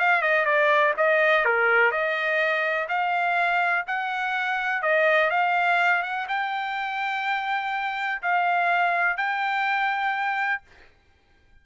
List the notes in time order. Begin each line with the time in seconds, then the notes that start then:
0.00 F5
0.22 D#5
0.46 D5
0.97 D#5
1.46 A#4
1.92 D#5
2.89 F5
3.88 F#5
4.83 D#5
5.30 F5
6.03 F#5
6.29 G5
8.23 F5
9.17 G5